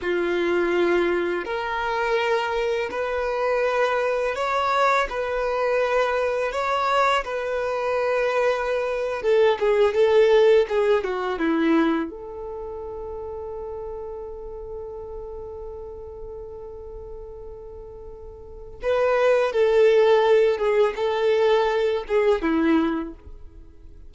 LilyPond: \new Staff \with { instrumentName = "violin" } { \time 4/4 \tempo 4 = 83 f'2 ais'2 | b'2 cis''4 b'4~ | b'4 cis''4 b'2~ | b'8. a'8 gis'8 a'4 gis'8 fis'8 e'16~ |
e'8. a'2.~ a'16~ | a'1~ | a'2 b'4 a'4~ | a'8 gis'8 a'4. gis'8 e'4 | }